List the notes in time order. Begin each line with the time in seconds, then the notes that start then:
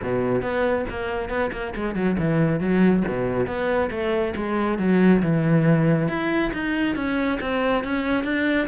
0.02 B2
0.42 B3
0.89 A#3
1.29 B3
1.51 A#3
1.75 G#3
1.95 F#3
2.19 E3
2.59 F#3
3.08 B2
3.46 B3
3.90 A3
4.35 G#3
4.78 F#3
5.22 E3
6.08 E4
6.53 D#4
6.95 C#4
7.41 C4
7.84 C#4
8.24 D4